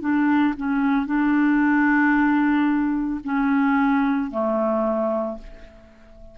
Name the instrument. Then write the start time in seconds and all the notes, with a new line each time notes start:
clarinet
0.00 D4
0.56 C#4
1.06 D4
3.24 C#4
4.31 A3